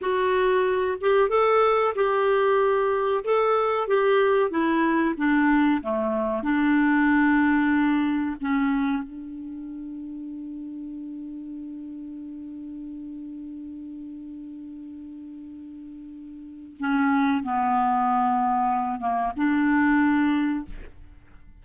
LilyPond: \new Staff \with { instrumentName = "clarinet" } { \time 4/4 \tempo 4 = 93 fis'4. g'8 a'4 g'4~ | g'4 a'4 g'4 e'4 | d'4 a4 d'2~ | d'4 cis'4 d'2~ |
d'1~ | d'1~ | d'2 cis'4 b4~ | b4. ais8 d'2 | }